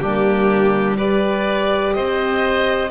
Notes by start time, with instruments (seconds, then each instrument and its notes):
0.00 double bass G3, horn A#3, oboe D4, violin G4
0.97 horn G4, oboe B4, violin D5
1.94 double bass C4, oboe C5, violin D#5